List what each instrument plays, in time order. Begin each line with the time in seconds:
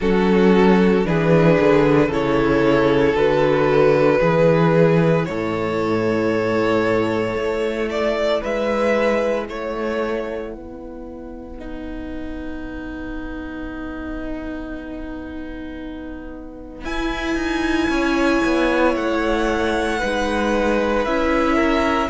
0.00 cello F#3, viola C#4, violin F#4 A4
1.04 cello E3, viola D4, violin G#4 B4
1.60 cello D3
2.08 cello C#3, viola E4, violin A4 C#5
3.14 cello D3, viola F#4, violin B4
4.20 cello E3, viola E4, violin G#4
5.25 cello A2, violin A4 C#5
7.36 cello A3
7.90 violin D5
8.40 cello G#3, violin B4 E5
9.48 cello A3, violin C#5 F#5
10.53 cello B3, violin B4
11.59 viola D#4
16.84 cello E4, viola E4, violin G#5
17.35 cello D#4
17.88 cello C#4, violin C#5
18.44 cello B3
18.95 cello A3, violin F#5
19.98 cello G#3, viola D#4, violin B4
21.04 cello C#4, viola E4, violin E5
21.55 violin A#4